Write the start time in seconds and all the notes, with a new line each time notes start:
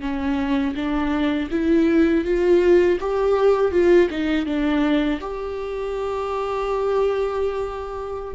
0.00 C#4
0.75 D4
1.50 E4
2.24 F4
3.00 G4
3.71 F4
4.10 D#4
4.45 D4
5.20 G4